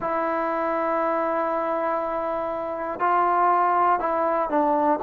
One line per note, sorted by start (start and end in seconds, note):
0.00 2.99 E4
2.99 3.99 F4
3.99 4.49 E4
4.49 4.99 D4